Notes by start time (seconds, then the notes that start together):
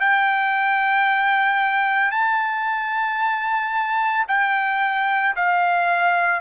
0.00 G5
2.11 A5
4.28 G5
5.36 F5